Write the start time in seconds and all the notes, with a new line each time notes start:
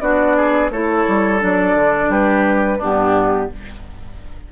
0.00 B3 D4 F#4 D5
0.36 G#4
0.70 A3 E4 A4 C#5
1.08 G3
1.39 F#3 D4 D5
1.74 D3
2.09 G3 G4 B4
2.78 G2 B3 D4 G4